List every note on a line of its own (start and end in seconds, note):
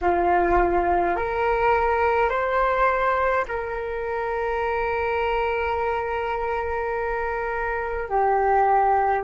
0.01 1.15 F4
1.15 2.29 A#4
2.29 3.45 C5
3.48 8.08 A#4
8.08 9.24 G4